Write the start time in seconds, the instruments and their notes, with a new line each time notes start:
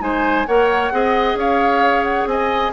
0.00 bassoon G#3, clarinet D#4, oboe C5, flute G#5
0.47 bassoon A#3, clarinet A#4, oboe C#5, flute F#5
0.92 bassoon C4, clarinet G#4, oboe D#5
1.35 bassoon C#4, oboe C#5, flute F5
2.03 flute F#5
2.26 bassoon C4, oboe D#5, flute G#5